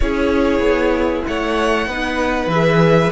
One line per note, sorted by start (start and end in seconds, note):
0.00 0.59 C#4
0.00 1.89 E4
0.00 1.27 G#4
0.00 1.24 C#5
0.59 1.21 B3
1.27 1.86 A3
1.27 1.88 C#5
1.27 2.49 F#5
1.86 2.46 B3
1.86 2.52 D#4
1.86 3.12 B4
2.46 3.09 E3
2.46 3.12 G#4
2.46 3.12 E5